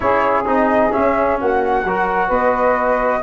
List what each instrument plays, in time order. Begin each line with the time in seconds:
0.00 tuba C#4, trombone E4, saxophone G#4, flute C#5
0.45 tuba C4, trombone D#4, flute D#5
0.90 trombone C#4, tuba C#4, flute E5
1.39 tuba A#3, saxophone F#4, flute F#5
1.84 tuba F#3, trombone F#4, saxophone A#4
2.27 tuba B3, saxophone B4, flute D#5